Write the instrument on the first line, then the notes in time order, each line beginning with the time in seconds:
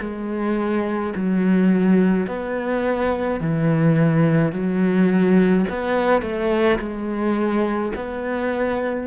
cello
0.00 G#3
1.15 F#3
2.27 B3
3.41 E3
4.52 F#3
5.70 B3
6.22 A3
6.79 G#3
7.96 B3